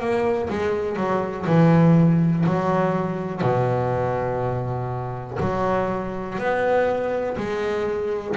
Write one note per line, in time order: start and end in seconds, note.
0.00 0.49 A#3
0.50 0.97 G#3
0.97 1.46 F#3
1.47 2.45 E3
2.46 3.42 F#3
3.42 5.39 B2
5.41 6.39 F#3
6.39 7.37 B3
7.38 8.36 G#3